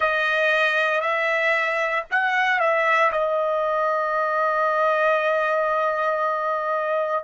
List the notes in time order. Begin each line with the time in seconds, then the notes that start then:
0.00 D#5
1.00 E5
2.10 F#5
2.59 E5
3.11 D#5